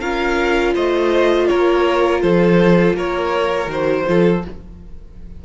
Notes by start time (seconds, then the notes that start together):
0.00 C#4 F4 A#4 F5
0.74 A3 C5 D#5
1.47 A#3 A#4 C#5
2.22 F3 A4 C5
2.93 A#3 A#4 C#5
3.66 D#3 F#4 C5
4.07 F3 F4 A4